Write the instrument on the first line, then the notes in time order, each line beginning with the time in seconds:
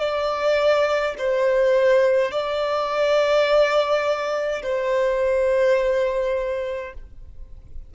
violin
0.00 D5
1.19 C5
2.32 D5
4.63 C5